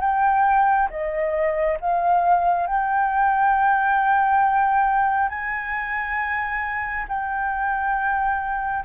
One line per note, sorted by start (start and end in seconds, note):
0.00 0.88 G5
0.89 1.78 D#5
1.80 2.66 F5
2.66 5.29 G5
5.29 7.05 G#5
7.08 8.84 G5